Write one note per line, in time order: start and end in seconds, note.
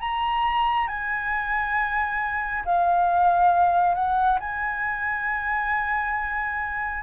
0.00 0.87 A#5
0.87 2.64 G#5
2.65 3.94 F5
3.94 4.38 F#5
4.40 7.03 G#5